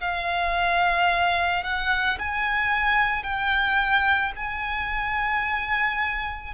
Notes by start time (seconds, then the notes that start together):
0.00 F5
1.64 F#5
2.19 G#5
3.23 G5
4.36 G#5